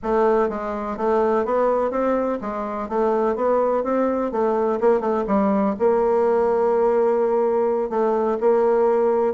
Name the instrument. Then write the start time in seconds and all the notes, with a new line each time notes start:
bassoon
0.02 A3
0.49 G#3
0.97 A3
1.45 B3
1.90 C4
2.41 G#3
2.88 A3
3.35 B3
3.83 C4
4.31 A3
4.80 A#3
5.00 A3
5.27 G3
5.79 A#3
7.89 A3
8.40 A#3